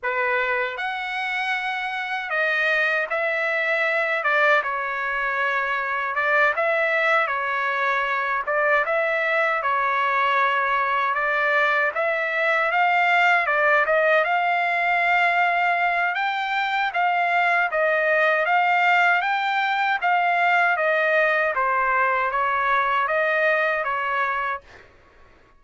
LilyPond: \new Staff \with { instrumentName = "trumpet" } { \time 4/4 \tempo 4 = 78 b'4 fis''2 dis''4 | e''4. d''8 cis''2 | d''8 e''4 cis''4. d''8 e''8~ | e''8 cis''2 d''4 e''8~ |
e''8 f''4 d''8 dis''8 f''4.~ | f''4 g''4 f''4 dis''4 | f''4 g''4 f''4 dis''4 | c''4 cis''4 dis''4 cis''4 | }